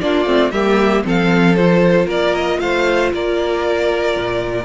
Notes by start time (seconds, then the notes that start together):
0.00 A#3 D4 F4 D5
0.25 A3 C4
0.51 G3 A#3 G4 E5
1.04 F3 C4 A4 F5
1.55 F4 C5
2.06 A#3 A#4 D5
2.35 D#5
2.59 A3 C5 F5
3.13 A#3 A#4 D5
4.16 A#2